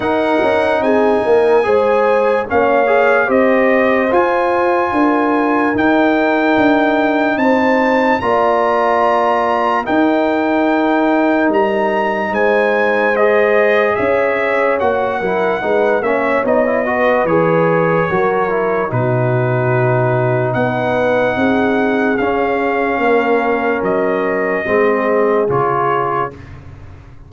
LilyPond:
<<
  \new Staff \with { instrumentName = "trumpet" } { \time 4/4 \tempo 4 = 73 fis''4 gis''2 f''4 | dis''4 gis''2 g''4~ | g''4 a''4 ais''2 | g''2 ais''4 gis''4 |
dis''4 e''4 fis''4. e''8 | dis''4 cis''2 b'4~ | b'4 fis''2 f''4~ | f''4 dis''2 cis''4 | }
  \new Staff \with { instrumentName = "horn" } { \time 4/4 ais'4 gis'8 ais'8 c''4 cis''4 | c''2 ais'2~ | ais'4 c''4 d''2 | ais'2. c''4~ |
c''4 cis''4. ais'8 b'8 cis''8~ | cis''8 b'4. ais'4 fis'4~ | fis'4 b'4 gis'2 | ais'2 gis'2 | }
  \new Staff \with { instrumentName = "trombone" } { \time 4/4 dis'2 gis'4 cis'8 gis'8 | g'4 f'2 dis'4~ | dis'2 f'2 | dis'1 |
gis'2 fis'8 e'8 dis'8 cis'8 | dis'16 e'16 fis'8 gis'4 fis'8 e'8 dis'4~ | dis'2. cis'4~ | cis'2 c'4 f'4 | }
  \new Staff \with { instrumentName = "tuba" } { \time 4/4 dis'8 cis'8 c'8 ais8 gis4 ais4 | c'4 f'4 d'4 dis'4 | d'4 c'4 ais2 | dis'2 g4 gis4~ |
gis4 cis'4 ais8 fis8 gis8 ais8 | b4 e4 fis4 b,4~ | b,4 b4 c'4 cis'4 | ais4 fis4 gis4 cis4 | }
>>